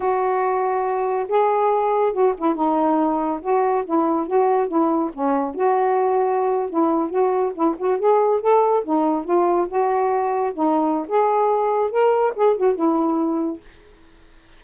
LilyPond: \new Staff \with { instrumentName = "saxophone" } { \time 4/4 \tempo 4 = 141 fis'2. gis'4~ | gis'4 fis'8 e'8 dis'2 | fis'4 e'4 fis'4 e'4 | cis'4 fis'2~ fis'8. e'16~ |
e'8. fis'4 e'8 fis'8 gis'4 a'16~ | a'8. dis'4 f'4 fis'4~ fis'16~ | fis'8. dis'4~ dis'16 gis'2 | ais'4 gis'8 fis'8 e'2 | }